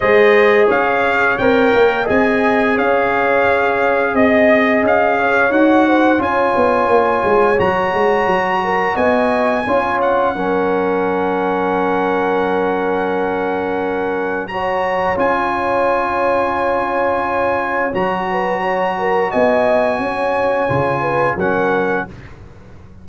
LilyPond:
<<
  \new Staff \with { instrumentName = "trumpet" } { \time 4/4 \tempo 4 = 87 dis''4 f''4 g''4 gis''4 | f''2 dis''4 f''4 | fis''4 gis''2 ais''4~ | ais''4 gis''4. fis''4.~ |
fis''1~ | fis''4 ais''4 gis''2~ | gis''2 ais''2 | gis''2. fis''4 | }
  \new Staff \with { instrumentName = "horn" } { \time 4/4 c''4 cis''2 dis''4 | cis''2 dis''4. cis''8~ | cis''8 c''8 cis''2.~ | cis''8 ais'8 dis''4 cis''4 ais'4~ |
ais'1~ | ais'4 cis''2.~ | cis''2~ cis''8 b'8 cis''8 ais'8 | dis''4 cis''4. b'8 ais'4 | }
  \new Staff \with { instrumentName = "trombone" } { \time 4/4 gis'2 ais'4 gis'4~ | gis'1 | fis'4 f'2 fis'4~ | fis'2 f'4 cis'4~ |
cis'1~ | cis'4 fis'4 f'2~ | f'2 fis'2~ | fis'2 f'4 cis'4 | }
  \new Staff \with { instrumentName = "tuba" } { \time 4/4 gis4 cis'4 c'8 ais8 c'4 | cis'2 c'4 cis'4 | dis'4 cis'8 b8 ais8 gis8 fis8 gis8 | fis4 b4 cis'4 fis4~ |
fis1~ | fis2 cis'2~ | cis'2 fis2 | b4 cis'4 cis4 fis4 | }
>>